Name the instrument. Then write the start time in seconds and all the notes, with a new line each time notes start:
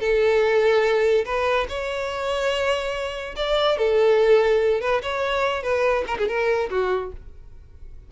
violin
0.00 A4
1.25 B4
1.69 C#5
3.36 D5
3.78 A4
4.81 B4
5.03 C#5
5.63 B4
6.07 A#4
6.18 G#4
6.28 A#4
6.70 F#4